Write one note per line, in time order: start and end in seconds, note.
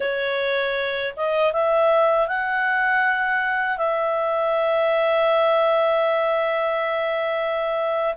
0.00 1.14 C#5
1.16 1.52 D#5
1.52 2.27 E5
2.27 3.77 F#5
3.77 8.14 E5